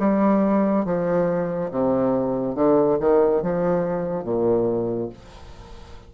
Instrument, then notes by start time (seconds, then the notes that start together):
bassoon
0.00 G3
0.85 F3
1.71 C3
2.56 D3
3.00 D#3
3.43 F3
4.24 A#2